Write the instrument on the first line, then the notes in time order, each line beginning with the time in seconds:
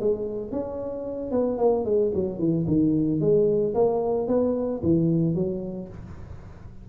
tuba
0.00 G#3
0.51 C#4
1.31 B3
1.58 A#3
1.85 G#3
2.14 F#3
2.39 E3
2.67 D#3
3.20 G#3
3.74 A#3
4.28 B3
4.83 E3
5.35 F#3